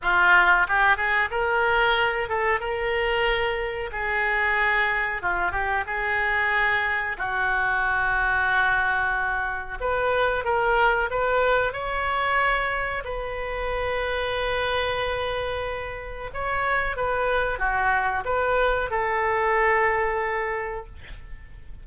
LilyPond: \new Staff \with { instrumentName = "oboe" } { \time 4/4 \tempo 4 = 92 f'4 g'8 gis'8 ais'4. a'8 | ais'2 gis'2 | f'8 g'8 gis'2 fis'4~ | fis'2. b'4 |
ais'4 b'4 cis''2 | b'1~ | b'4 cis''4 b'4 fis'4 | b'4 a'2. | }